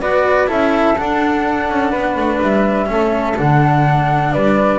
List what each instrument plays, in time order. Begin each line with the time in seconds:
0.00 double bass B3, cello F#4, flute B4 D5
0.47 double bass C#4, cello E4, flute A4 E5
0.97 cello D4, double bass D4, flute F#5
1.69 double bass C#4
1.90 double bass B3, flute B4
2.16 double bass A3
2.41 double bass G3, flute E5
2.85 double bass A3, cello C#4, flute A4
3.36 double bass D3, cello D4, flute F#5
4.32 double bass G3, flute B4 D5